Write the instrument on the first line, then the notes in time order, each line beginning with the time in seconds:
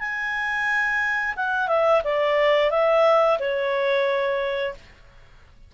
clarinet
0.00 G#5
1.36 F#5
1.68 E5
2.04 D5
2.71 E5
3.40 C#5